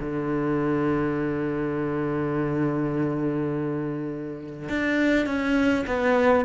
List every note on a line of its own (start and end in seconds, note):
0.00 4.69 D3
4.69 5.26 D4
5.26 5.85 C#4
5.87 6.45 B3